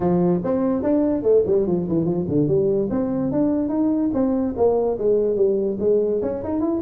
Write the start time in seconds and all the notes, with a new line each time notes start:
0.00 F3
0.44 C4
0.82 D4
1.22 A3
1.46 G3
1.66 F3
1.88 E3
2.04 F3
2.28 D3
2.47 G3
2.90 C4
3.31 D4
3.68 D#4
4.13 C4
4.56 A#3
4.98 G#3
5.36 G3
5.79 G#3
6.22 C#4
6.43 D#4
6.60 E4